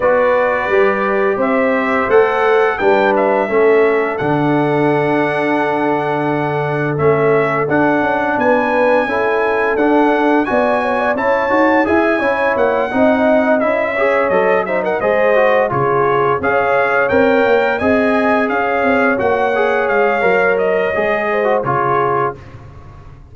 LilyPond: <<
  \new Staff \with { instrumentName = "trumpet" } { \time 4/4 \tempo 4 = 86 d''2 e''4 fis''4 | g''8 e''4. fis''2~ | fis''2 e''4 fis''4 | gis''2 fis''4 gis''4 |
a''4 gis''4 fis''4. e''8~ | e''8 dis''8 e''16 fis''16 dis''4 cis''4 f''8~ | f''8 g''4 gis''4 f''4 fis''8~ | fis''8 f''4 dis''4. cis''4 | }
  \new Staff \with { instrumentName = "horn" } { \time 4/4 b'2 c''2 | b'4 a'2.~ | a'1 | b'4 a'2 d''8 cis''16 d''16 |
cis''4 e''8 cis''4 dis''4. | cis''4 c''16 ais'16 c''4 gis'4 cis''8~ | cis''4. dis''4 cis''4.~ | cis''2~ cis''8 c''8 gis'4 | }
  \new Staff \with { instrumentName = "trombone" } { \time 4/4 fis'4 g'2 a'4 | d'4 cis'4 d'2~ | d'2 cis'4 d'4~ | d'4 e'4 d'4 fis'4 |
e'8 fis'8 gis'8 e'4 dis'4 e'8 | gis'8 a'8 dis'8 gis'8 fis'8 f'4 gis'8~ | gis'8 ais'4 gis'2 fis'8 | gis'4 ais'4 gis'8. fis'16 f'4 | }
  \new Staff \with { instrumentName = "tuba" } { \time 4/4 b4 g4 c'4 a4 | g4 a4 d2~ | d2 a4 d'8 cis'8 | b4 cis'4 d'4 b4 |
cis'8 dis'8 e'8 cis'8 ais8 c'4 cis'8~ | cis'8 fis4 gis4 cis4 cis'8~ | cis'8 c'8 ais8 c'4 cis'8 c'8 ais8~ | ais8 gis8 fis4 gis4 cis4 | }
>>